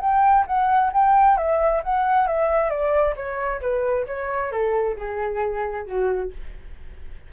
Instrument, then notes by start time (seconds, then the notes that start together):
flute
0.00 G5
0.47 F#5
0.93 G5
1.37 E5
1.83 F#5
2.27 E5
2.70 D5
3.16 C#5
3.61 B4
4.06 C#5
4.51 A4
4.96 G#4
5.86 F#4